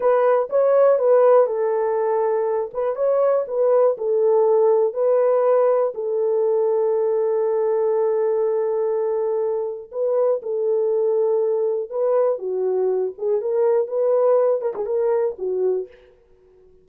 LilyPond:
\new Staff \with { instrumentName = "horn" } { \time 4/4 \tempo 4 = 121 b'4 cis''4 b'4 a'4~ | a'4. b'8 cis''4 b'4 | a'2 b'2 | a'1~ |
a'1 | b'4 a'2. | b'4 fis'4. gis'8 ais'4 | b'4. ais'16 gis'16 ais'4 fis'4 | }